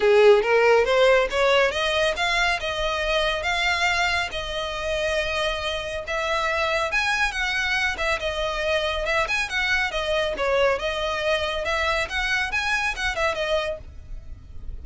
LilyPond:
\new Staff \with { instrumentName = "violin" } { \time 4/4 \tempo 4 = 139 gis'4 ais'4 c''4 cis''4 | dis''4 f''4 dis''2 | f''2 dis''2~ | dis''2 e''2 |
gis''4 fis''4. e''8 dis''4~ | dis''4 e''8 gis''8 fis''4 dis''4 | cis''4 dis''2 e''4 | fis''4 gis''4 fis''8 e''8 dis''4 | }